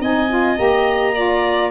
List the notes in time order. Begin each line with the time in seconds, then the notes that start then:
0.00 C4 D#4 D#5 G#5
0.29 F4
0.56 A#3 G4 A#5
1.14 F4 D5